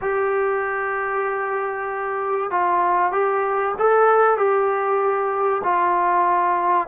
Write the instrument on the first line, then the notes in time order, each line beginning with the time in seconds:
trombone
0.01 G4
2.50 F4
3.12 G4
3.78 A4
4.37 G4
5.63 F4